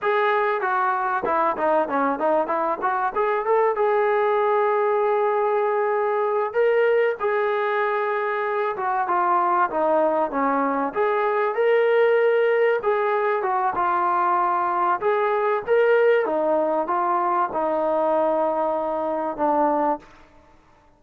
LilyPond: \new Staff \with { instrumentName = "trombone" } { \time 4/4 \tempo 4 = 96 gis'4 fis'4 e'8 dis'8 cis'8 dis'8 | e'8 fis'8 gis'8 a'8 gis'2~ | gis'2~ gis'8 ais'4 gis'8~ | gis'2 fis'8 f'4 dis'8~ |
dis'8 cis'4 gis'4 ais'4.~ | ais'8 gis'4 fis'8 f'2 | gis'4 ais'4 dis'4 f'4 | dis'2. d'4 | }